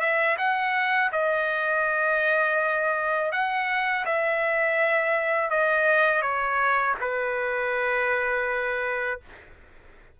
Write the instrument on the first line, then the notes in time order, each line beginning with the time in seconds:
trumpet
0.00 E5
0.38 F#5
1.12 D#5
3.32 F#5
4.05 E5
5.50 D#5
6.22 C#5
7.00 B4